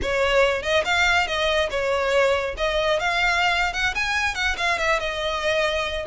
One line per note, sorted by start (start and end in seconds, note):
0.02 0.62 C#5
0.62 0.83 D#5
0.85 1.27 F5
1.27 1.69 D#5
1.70 2.55 C#5
2.57 2.99 D#5
2.99 3.73 F5
3.73 3.94 F#5
3.94 4.34 G#5
4.34 4.56 F#5
4.57 4.78 F5
4.78 4.99 E5
4.99 6.06 D#5